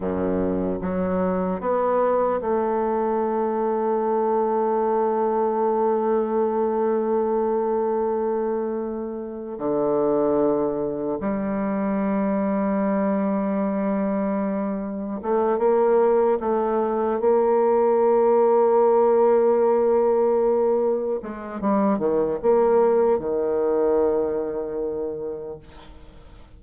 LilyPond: \new Staff \with { instrumentName = "bassoon" } { \time 4/4 \tempo 4 = 75 fis,4 fis4 b4 a4~ | a1~ | a1 | d2 g2~ |
g2. a8 ais8~ | ais8 a4 ais2~ ais8~ | ais2~ ais8 gis8 g8 dis8 | ais4 dis2. | }